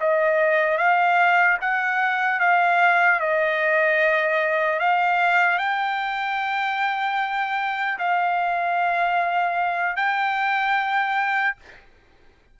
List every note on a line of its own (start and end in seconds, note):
0.00 0.78 D#5
0.78 1.58 F5
1.61 2.40 F#5
2.40 3.20 F5
3.20 4.79 D#5
4.79 5.58 F5
5.58 7.98 G5
7.98 9.96 F5
9.96 11.56 G5